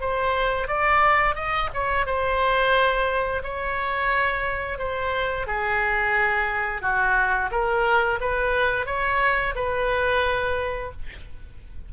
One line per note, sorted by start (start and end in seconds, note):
0.00 0.67 C5
0.67 1.35 D5
1.35 1.69 D#5
1.73 2.06 C#5
2.06 3.42 C5
3.43 4.78 C#5
4.78 5.46 C5
5.46 6.81 G#4
6.81 7.49 F#4
7.51 8.19 A#4
8.20 8.86 B4
8.86 9.54 C#5
9.55 10.91 B4